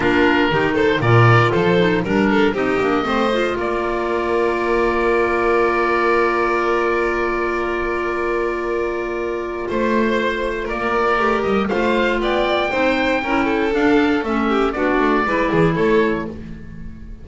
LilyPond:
<<
  \new Staff \with { instrumentName = "oboe" } { \time 4/4 \tempo 4 = 118 ais'4. c''8 d''4 c''4 | ais'4 dis''2 d''4~ | d''1~ | d''1~ |
d''2. c''4~ | c''4 d''4. dis''8 f''4 | g''2. f''4 | e''4 d''2 cis''4 | }
  \new Staff \with { instrumentName = "violin" } { \time 4/4 f'4 g'8 a'8 ais'4 a'4 | ais'8 a'8 g'4 c''4 ais'4~ | ais'1~ | ais'1~ |
ais'2. c''4~ | c''4 ais'2 c''4 | d''4 c''4 ais'8 a'4.~ | a'8 g'8 fis'4 b'8 gis'8 a'4 | }
  \new Staff \with { instrumentName = "clarinet" } { \time 4/4 d'4 dis'4 f'4. dis'8 | d'4 dis'8 d'8 c'8 f'4.~ | f'1~ | f'1~ |
f'1~ | f'2 g'4 f'4~ | f'4 dis'4 e'4 d'4 | cis'4 d'4 e'2 | }
  \new Staff \with { instrumentName = "double bass" } { \time 4/4 ais4 dis4 ais,4 f4 | g4 c'8 ais8 a4 ais4~ | ais1~ | ais1~ |
ais2. a4~ | a4 ais4 a8 g8 a4 | b4 c'4 cis'4 d'4 | a4 b8 a8 gis8 e8 a4 | }
>>